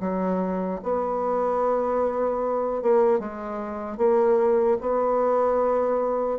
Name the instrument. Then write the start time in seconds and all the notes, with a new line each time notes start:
bassoon
0.00 F#3
0.83 B3
2.82 A#3
3.19 G#3
3.97 A#3
4.81 B3